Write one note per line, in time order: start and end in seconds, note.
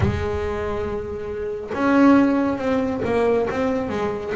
0.00 1.70 G#3
1.74 2.58 C#4
2.58 3.01 C4
3.04 3.48 A#3
3.49 3.89 C4
3.89 4.32 G#3